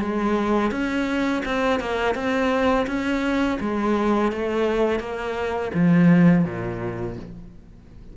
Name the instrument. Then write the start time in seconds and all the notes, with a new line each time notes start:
cello
0.00 G#3
0.71 C#4
1.45 C4
1.80 A#3
2.15 C4
2.87 C#4
3.60 G#3
4.32 A3
5.00 A#3
5.74 F3
6.45 A#2